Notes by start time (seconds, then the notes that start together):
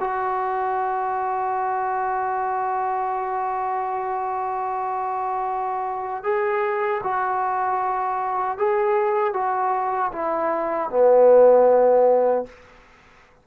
0.00 F#4
6.23 G#4
7.03 F#4
8.57 G#4
9.33 F#4
10.12 E4
10.89 B3